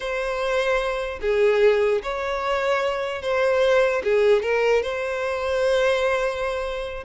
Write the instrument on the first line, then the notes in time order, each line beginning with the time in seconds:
violin
0.00 C5
1.21 G#4
2.02 C#5
3.22 C5
4.03 G#4
4.42 A#4
4.82 C5